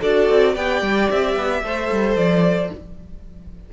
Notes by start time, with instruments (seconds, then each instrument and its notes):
0.00 cello D4, viola F#4, violin A4 D5
0.29 cello C4
0.53 cello B3, viola G4, violin D5 G5
0.81 cello G3
1.10 cello C4, violin E5
1.35 cello B3
1.63 cello A3, viola A4, violin C5
1.91 cello G3
2.16 cello F3, violin D5